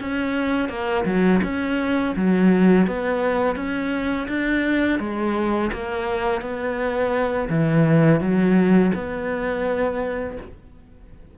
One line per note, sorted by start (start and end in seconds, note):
0.00 0.69 C#4
0.69 1.04 A#3
1.05 1.40 F#3
1.43 2.15 C#4
2.15 2.86 F#3
2.86 3.56 B3
3.56 4.27 C#4
4.28 4.99 D4
4.99 5.70 G#3
5.72 6.41 A#3
6.41 7.48 B3
7.49 8.20 E3
8.20 8.92 F#3
8.94 10.37 B3